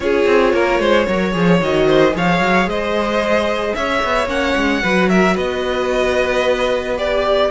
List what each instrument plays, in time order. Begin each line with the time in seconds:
0.00 cello C#4, viola F4, violin G#4 C#5
0.26 cello C4
0.52 cello A#3, violin A#4
0.79 cello G#3, violin C5
1.07 cello F#3, viola A#4, violin C#5
1.32 cello F3, viola G#4
1.60 cello D#3, viola F#4, violin D#5
1.86 violin C5
2.11 cello F3, viola G#4, violin C#5
2.17 violin F5
2.39 cello F#3
2.66 cello G#3, violin C5 D#5
3.74 cello C#4, violin C#5 E5
4.03 cello B3
4.27 cello A#3, viola C#4, violin F#5
4.55 cello G#3
4.82 cello F#3, viola F#4, violin B4
5.09 violin A#4 E5
5.34 cello B3, violin B4 D#5
6.96 viola G4, violin D5